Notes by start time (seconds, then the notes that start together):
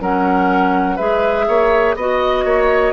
0.00 F#3 C#4 A#4 F#5
0.96 G#3 G#4 B4 E5
1.48 A#3 C#5
1.95 B3 F#4 D#5
2.44 A#3 C#5